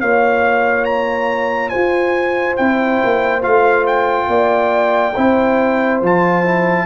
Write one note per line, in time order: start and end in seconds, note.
0.00 1.73 A#3
0.00 2.58 F4
0.00 1.70 C#5
0.00 0.84 F5
0.84 1.69 A#5
1.69 2.59 F4
1.69 4.27 C5
1.69 2.55 G#5
2.56 3.02 C4
2.56 3.41 E4
2.56 3.42 G5
3.04 3.45 A#3
3.41 4.28 A3
3.41 5.13 F4
3.41 3.86 F5
3.87 6.01 G5
4.28 5.13 A#3
4.28 5.15 D5
5.15 6.02 C4
5.15 6.02 E4
5.15 6.86 C5
6.02 6.86 F3
6.02 6.45 F4
6.02 6.86 A5
6.45 6.86 E4